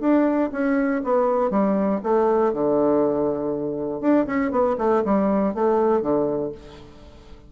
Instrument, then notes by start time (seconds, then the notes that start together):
bassoon
0.00 D4
0.52 C#4
1.04 B3
1.50 G3
2.03 A3
2.53 D3
4.01 D4
4.26 C#4
4.51 B3
4.78 A3
5.05 G3
5.54 A3
6.01 D3